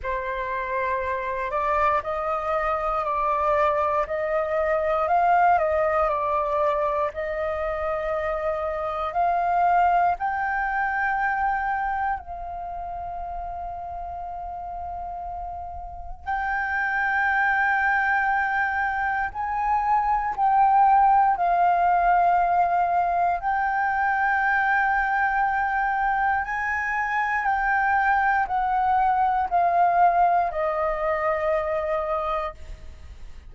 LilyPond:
\new Staff \with { instrumentName = "flute" } { \time 4/4 \tempo 4 = 59 c''4. d''8 dis''4 d''4 | dis''4 f''8 dis''8 d''4 dis''4~ | dis''4 f''4 g''2 | f''1 |
g''2. gis''4 | g''4 f''2 g''4~ | g''2 gis''4 g''4 | fis''4 f''4 dis''2 | }